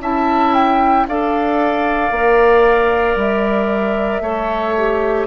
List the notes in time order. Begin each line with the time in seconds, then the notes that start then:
0.00 C#4 E4 E5 A5
0.54 G5
1.08 D4 A4 D5 F5
2.11 A#3 A#4
3.16 G3 E5
4.20 A3 A4 C#5
4.77 G4